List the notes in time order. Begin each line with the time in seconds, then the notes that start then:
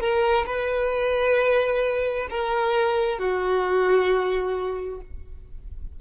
0.00 A#4
0.46 B4
2.30 A#4
3.19 F#4